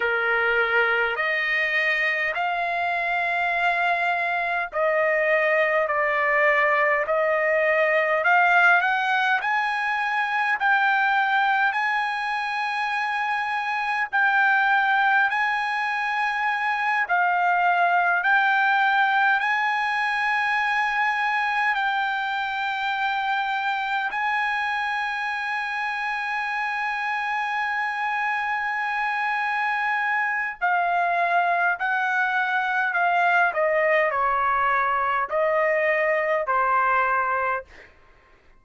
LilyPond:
\new Staff \with { instrumentName = "trumpet" } { \time 4/4 \tempo 4 = 51 ais'4 dis''4 f''2 | dis''4 d''4 dis''4 f''8 fis''8 | gis''4 g''4 gis''2 | g''4 gis''4. f''4 g''8~ |
g''8 gis''2 g''4.~ | g''8 gis''2.~ gis''8~ | gis''2 f''4 fis''4 | f''8 dis''8 cis''4 dis''4 c''4 | }